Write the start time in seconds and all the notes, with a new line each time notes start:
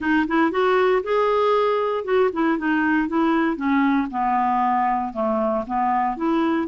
0.00 D#4
0.27 E4
0.51 F#4
1.03 G#4
2.04 F#4
2.32 E4
2.58 D#4
3.08 E4
3.56 C#4
4.10 B3
5.13 A3
5.67 B3
6.17 E4